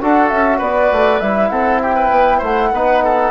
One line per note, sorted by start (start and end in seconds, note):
0.00 0.31 D4
0.00 1.21 F#4
0.00 0.58 A4
0.00 0.29 F#5
0.29 0.60 C#4
0.29 0.59 E5
0.58 0.91 B3
0.58 1.49 B4
0.58 1.19 D5
0.91 1.21 A3
1.19 1.50 G3
1.19 2.74 E4
1.19 1.49 E5
1.49 2.10 C4
1.49 1.81 A4
1.49 1.80 F#5
1.82 1.95 G4
1.82 2.42 G5
1.95 2.38 B4
2.10 2.40 B3
2.38 2.71 A3
2.38 2.68 C5
2.38 3.30 F#5
2.71 3.30 B3
2.71 3.30 D#4
2.71 3.04 B4
3.04 3.30 A4